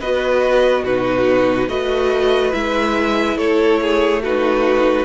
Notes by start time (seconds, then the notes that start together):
0.00 B3 F#4 B4 D#5
0.84 B2 D#4 F#4 B4
1.68 A3 F#4 B4 D#5
2.53 G#3 E4 E5
3.37 A3 A4 C#5
3.82 G#4
4.23 D#4 F#4 B4